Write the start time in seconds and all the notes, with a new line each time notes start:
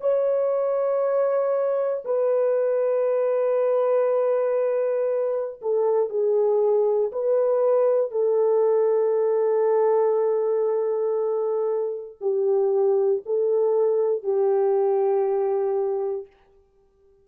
0.00 C#5
2.04 B4
5.61 A4
6.09 G#4
7.11 B4
8.11 A4
12.20 G4
13.25 A4
14.23 G4